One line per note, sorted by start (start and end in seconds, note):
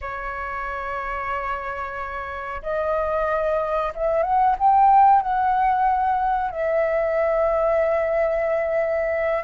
0.01 2.62 C#5
2.62 3.92 D#5
3.95 4.22 E5
4.22 4.55 F#5
4.58 5.21 G5
5.21 6.50 F#5
6.50 9.44 E5